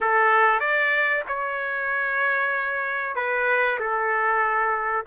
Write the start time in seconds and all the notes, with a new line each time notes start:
0.00 A4
0.60 D5
1.28 C#5
3.15 B4
3.79 A4